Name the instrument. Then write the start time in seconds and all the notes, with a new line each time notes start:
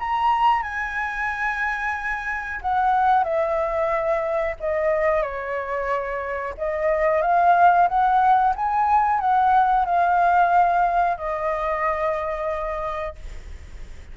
flute
0.00 A#5
0.63 G#5
2.62 F#5
3.24 E5
4.60 D#5
5.23 C#5
6.58 D#5
7.22 F5
7.89 F#5
8.56 G#5
9.20 F#5
9.86 F5
11.18 D#5